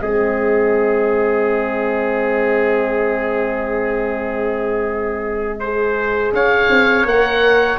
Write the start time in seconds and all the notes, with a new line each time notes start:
0.00 G#3 C4 G#4 D#5
5.60 G#4 C5
6.33 C#4 C#5 F5
6.70 C4
7.05 A#3 A#4 F#5